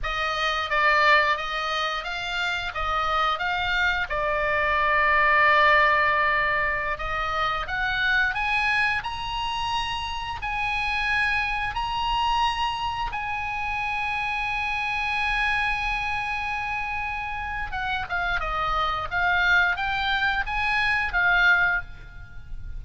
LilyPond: \new Staff \with { instrumentName = "oboe" } { \time 4/4 \tempo 4 = 88 dis''4 d''4 dis''4 f''4 | dis''4 f''4 d''2~ | d''2~ d''16 dis''4 fis''8.~ | fis''16 gis''4 ais''2 gis''8.~ |
gis''4~ gis''16 ais''2 gis''8.~ | gis''1~ | gis''2 fis''8 f''8 dis''4 | f''4 g''4 gis''4 f''4 | }